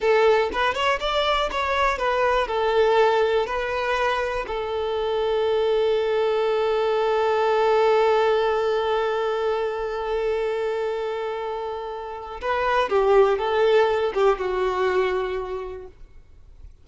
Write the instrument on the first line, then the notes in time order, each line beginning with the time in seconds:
violin
0.00 A4
0.52 B4
0.74 C#5
0.99 D5
1.51 C#5
1.98 B4
2.47 A4
3.46 B4
4.47 A4
12.41 B4
12.89 G4
13.38 A4
14.13 G4
14.38 F#4